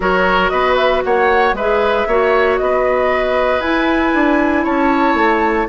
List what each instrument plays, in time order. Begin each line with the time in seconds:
0.00 bassoon F#3, clarinet F#4, oboe A#4, flute C#5
0.49 bassoon B3, oboe B4, flute D#5
0.76 flute E5
1.03 bassoon A#3, oboe C#5, flute F#5
1.53 bassoon G#3, oboe B4, flute E5
1.59 clarinet G#4
2.07 bassoon A#3, clarinet F#4, oboe C#5
2.57 bassoon B3, oboe B4, flute D#5
3.60 bassoon E4, clarinet E4, flute G#5
4.14 bassoon D4
4.63 bassoon C#4, oboe C#5, flute A5
5.14 bassoon A3